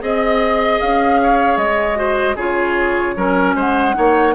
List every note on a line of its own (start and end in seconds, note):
0.00 0.80 C4
0.00 1.95 G#4
0.00 1.21 D#5
0.00 0.81 D#5
0.81 1.57 C#4
0.81 1.57 F5
1.23 1.99 C#5
1.57 2.36 G#3
1.57 2.36 D#5
1.95 2.35 F#4
1.95 2.36 C5
2.36 3.15 C#3
2.36 3.16 F4
2.36 3.14 G#4
2.36 3.56 C#5
3.16 3.55 F#3
3.16 3.94 C#4
3.16 3.56 A#4
3.55 3.95 G#3
3.55 3.95 C5
3.55 4.35 F#5
3.94 4.35 A#3
3.94 4.33 D#4
3.94 4.35 C#5